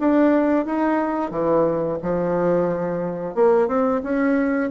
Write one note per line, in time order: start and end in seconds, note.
0.00 0.66 D4
0.66 1.31 D#4
1.31 1.99 E3
2.03 3.35 F3
3.35 3.68 A#3
3.68 4.02 C4
4.04 4.71 C#4